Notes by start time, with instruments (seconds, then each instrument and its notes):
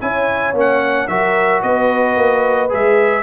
0.00 tuba C#4, trombone E4, horn C#5, trumpet G#5
0.53 tuba A#3, trombone C#4
0.59 trumpet F#5
1.07 tuba F#3, trombone F#4, horn A#4, trumpet E5
1.62 tuba B3, horn B4, trumpet D#5
2.16 tuba A#3
2.69 tuba G#3, trombone G#4, trumpet E5